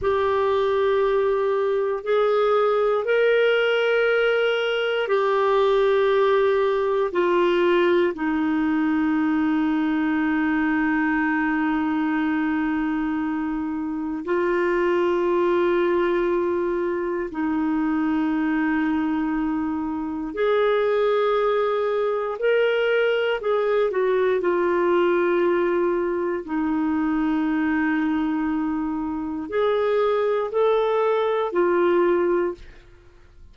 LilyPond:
\new Staff \with { instrumentName = "clarinet" } { \time 4/4 \tempo 4 = 59 g'2 gis'4 ais'4~ | ais'4 g'2 f'4 | dis'1~ | dis'2 f'2~ |
f'4 dis'2. | gis'2 ais'4 gis'8 fis'8 | f'2 dis'2~ | dis'4 gis'4 a'4 f'4 | }